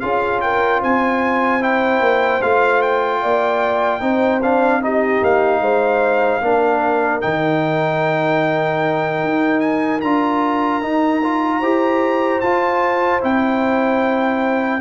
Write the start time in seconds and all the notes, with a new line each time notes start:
0.00 C#4 F4 G#4 F5
0.41 A#4 G5
0.81 C4 C5 G#5
1.61 E4 G5
2.01 A#3
2.42 A3 F4 F5
2.82 G5
3.22 A#3 D5
4.00 C4 D#4 C5
4.42 D4 F5
4.81 D#4 G4 D#5
5.22 A#3 F5
5.60 G#3 C5
6.41 A#3 D4 A#4
7.21 D#3 D#4 G5
9.24 D#4
9.60 G#5
10.01 D4 F4 A#5
10.82 D#4
11.23 F4
11.60 E4 G4 C5
12.40 F4 A5
13.21 C4 E4 G5